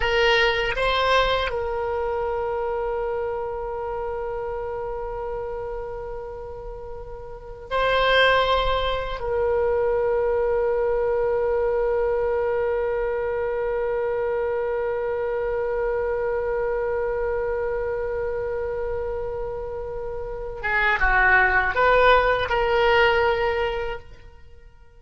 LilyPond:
\new Staff \with { instrumentName = "oboe" } { \time 4/4 \tempo 4 = 80 ais'4 c''4 ais'2~ | ais'1~ | ais'2~ ais'16 c''4.~ c''16~ | c''16 ais'2.~ ais'8.~ |
ais'1~ | ais'1~ | ais'2.~ ais'8 gis'8 | fis'4 b'4 ais'2 | }